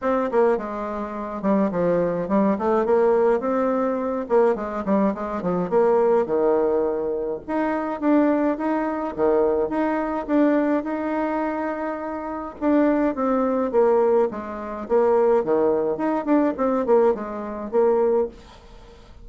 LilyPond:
\new Staff \with { instrumentName = "bassoon" } { \time 4/4 \tempo 4 = 105 c'8 ais8 gis4. g8 f4 | g8 a8 ais4 c'4. ais8 | gis8 g8 gis8 f8 ais4 dis4~ | dis4 dis'4 d'4 dis'4 |
dis4 dis'4 d'4 dis'4~ | dis'2 d'4 c'4 | ais4 gis4 ais4 dis4 | dis'8 d'8 c'8 ais8 gis4 ais4 | }